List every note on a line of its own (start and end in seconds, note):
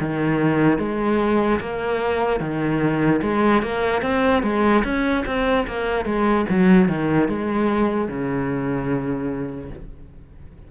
0.00 0.79 D#3
0.79 1.60 G#3
1.60 2.40 A#3
2.40 3.21 D#3
3.22 3.63 G#3
3.63 4.02 A#3
4.02 4.43 C4
4.43 4.84 G#3
4.84 5.25 C#4
5.26 5.66 C4
5.68 6.05 A#3
6.05 6.46 G#3
6.49 6.88 F#3
6.88 7.29 D#3
7.29 8.08 G#3
8.08 9.70 C#3